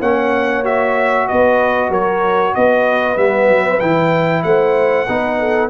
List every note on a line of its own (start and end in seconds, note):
0.00 1.27 A#3
0.00 0.64 C#4
0.00 1.26 C#5
0.00 0.65 F#5
0.64 3.16 F#4
0.64 1.28 E5
1.28 1.90 B3
1.28 1.89 B4
1.28 1.91 D#5
1.89 2.53 F#3
1.89 2.52 A#4
1.89 2.55 C#5
2.55 3.17 B3
2.55 4.45 B4
2.55 3.18 D#5
3.17 3.49 G3
3.17 3.80 B3
3.17 3.80 E5
3.49 3.80 F#3
3.80 4.44 E3
3.80 5.07 E4
3.80 4.43 G5
4.43 5.07 A3
4.43 5.08 C5
4.43 5.69 F#5
5.08 5.70 B3
5.08 5.70 D#4
5.08 5.39 B4
5.39 5.70 A4